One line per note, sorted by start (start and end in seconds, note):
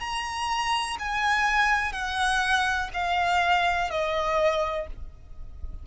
0.00 0.97 A#5
0.99 1.92 G#5
1.92 2.89 F#5
2.93 3.90 F5
3.90 4.87 D#5